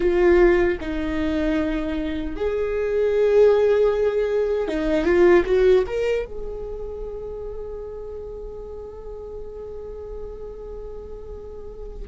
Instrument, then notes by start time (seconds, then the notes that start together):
viola
0.00 F4
0.80 D#4
2.36 G#4
4.68 D#4
5.04 F4
5.45 F#4
5.87 A#4
6.25 G#4